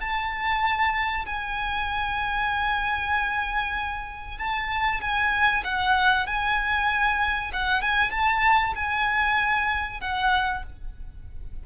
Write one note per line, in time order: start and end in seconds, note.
0.00 1.25 A5
1.26 4.38 G#5
4.38 5.00 A5
5.01 5.63 G#5
5.64 6.26 F#5
6.26 7.51 G#5
7.53 7.81 F#5
7.81 8.11 G#5
8.11 8.73 A5
8.75 10.00 G#5
10.00 10.63 F#5